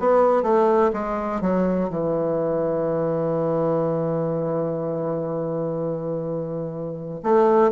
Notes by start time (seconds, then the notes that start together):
0.00 B3
0.43 A3
0.93 G#3
1.42 F#3
1.90 E3
7.24 A3